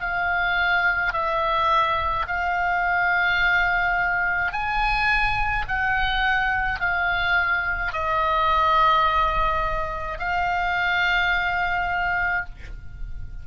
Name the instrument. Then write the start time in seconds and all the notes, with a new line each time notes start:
oboe
0.00 F5
1.13 E5
2.27 F5
4.52 G#5
5.68 F#5
6.80 F5
7.92 D#5
10.18 F5